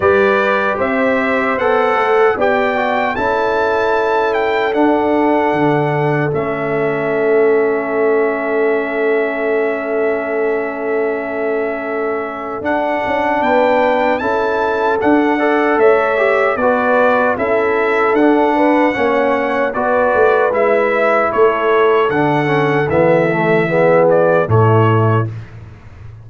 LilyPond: <<
  \new Staff \with { instrumentName = "trumpet" } { \time 4/4 \tempo 4 = 76 d''4 e''4 fis''4 g''4 | a''4. g''8 fis''2 | e''1~ | e''1 |
fis''4 g''4 a''4 fis''4 | e''4 d''4 e''4 fis''4~ | fis''4 d''4 e''4 cis''4 | fis''4 e''4. d''8 cis''4 | }
  \new Staff \with { instrumentName = "horn" } { \time 4/4 b'4 c''2 d''4 | a'1~ | a'1~ | a'1~ |
a'4 b'4 a'4. d''8 | cis''4 b'4 a'4. b'8 | cis''4 b'2 a'4~ | a'2 gis'4 e'4 | }
  \new Staff \with { instrumentName = "trombone" } { \time 4/4 g'2 a'4 g'8 fis'8 | e'2 d'2 | cis'1~ | cis'1 |
d'2 e'4 d'8 a'8~ | a'8 g'8 fis'4 e'4 d'4 | cis'4 fis'4 e'2 | d'8 cis'8 b8 a8 b4 a4 | }
  \new Staff \with { instrumentName = "tuba" } { \time 4/4 g4 c'4 b8 a8 b4 | cis'2 d'4 d4 | a1~ | a1 |
d'8 cis'8 b4 cis'4 d'4 | a4 b4 cis'4 d'4 | ais4 b8 a8 gis4 a4 | d4 e2 a,4 | }
>>